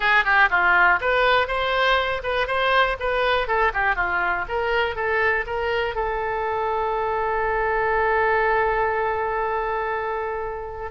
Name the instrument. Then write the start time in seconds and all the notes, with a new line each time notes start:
oboe
0.00 G#4
0.24 G4
0.50 F4
1.01 B4
1.47 C5
2.23 B4
2.47 C5
2.99 B4
3.47 A4
3.73 G4
3.95 F4
4.48 A#4
4.95 A4
5.46 A#4
5.95 A4